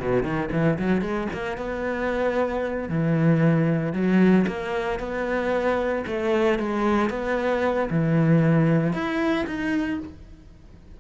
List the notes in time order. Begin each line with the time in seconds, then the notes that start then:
0.00 B2
0.23 D#3
0.52 E3
0.78 F#3
1.01 G#3
1.33 A#3
1.57 B3
2.89 E3
3.93 F#3
4.47 A#3
5.00 B3
6.06 A3
6.59 G#3
7.10 B3
7.90 E3
8.93 E4
9.46 D#4